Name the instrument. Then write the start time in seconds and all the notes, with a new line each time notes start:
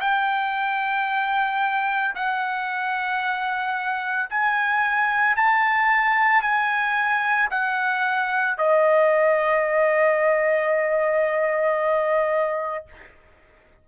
trumpet
0.00 G5
2.15 F#5
4.30 G#5
5.36 A5
6.41 G#5
7.50 F#5
8.57 D#5